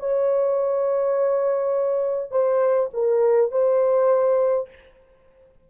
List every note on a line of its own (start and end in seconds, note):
0.00 2.32 C#5
2.32 2.90 C5
2.94 3.52 A#4
3.52 4.70 C5